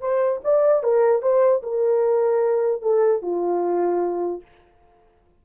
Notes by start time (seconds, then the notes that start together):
0.00 C5
0.43 D5
0.83 A#4
1.22 C5
1.62 A#4
2.82 A4
3.22 F4